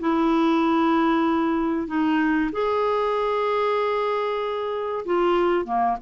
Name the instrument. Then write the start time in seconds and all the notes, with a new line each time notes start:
clarinet
0.00 E4
1.87 D#4
2.52 G#4
5.05 F4
5.65 A#3